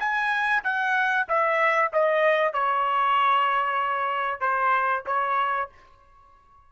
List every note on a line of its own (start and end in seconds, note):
0.00 0.63 G#5
0.64 1.27 F#5
1.29 1.92 E5
1.93 2.54 D#5
2.54 4.41 C#5
4.41 5.04 C5
5.06 5.70 C#5